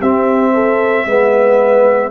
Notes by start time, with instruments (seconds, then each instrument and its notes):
0.00 tuba C4, trombone C4, horn G4, trumpet E5
0.53 horn A4
1.05 tuba G#3, trombone B3, horn B4